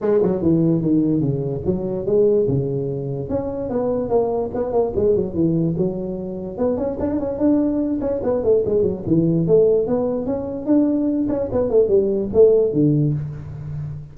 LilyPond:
\new Staff \with { instrumentName = "tuba" } { \time 4/4 \tempo 4 = 146 gis8 fis8 e4 dis4 cis4 | fis4 gis4 cis2 | cis'4 b4 ais4 b8 ais8 | gis8 fis8 e4 fis2 |
b8 cis'8 d'8 cis'8 d'4. cis'8 | b8 a8 gis8 fis8 e4 a4 | b4 cis'4 d'4. cis'8 | b8 a8 g4 a4 d4 | }